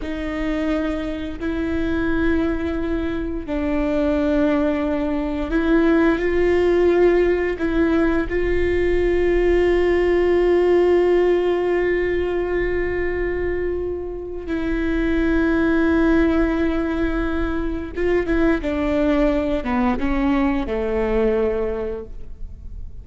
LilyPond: \new Staff \with { instrumentName = "viola" } { \time 4/4 \tempo 4 = 87 dis'2 e'2~ | e'4 d'2. | e'4 f'2 e'4 | f'1~ |
f'1~ | f'4 e'2.~ | e'2 f'8 e'8 d'4~ | d'8 b8 cis'4 a2 | }